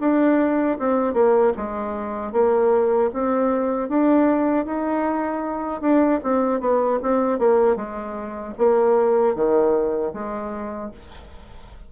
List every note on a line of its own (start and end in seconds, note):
0.00 0.78 D4
0.79 1.14 C4
1.14 1.53 A#3
1.57 2.33 G#3
2.33 3.11 A#3
3.13 3.89 C4
3.89 4.66 D4
4.66 5.81 D#4
5.81 6.20 D4
6.23 6.60 C4
6.60 6.99 B3
7.02 7.39 C4
7.39 7.76 A#3
7.76 8.54 G#3
8.58 9.35 A#3
9.35 10.13 D#3
10.13 10.91 G#3